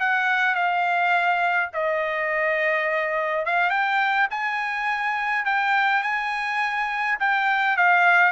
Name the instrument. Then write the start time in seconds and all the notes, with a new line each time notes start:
trumpet
0.00 F#5
0.55 F5
1.74 D#5
3.46 F5
3.71 G5
4.31 G#5
5.45 G5
6.03 G#5
7.20 G5
7.77 F5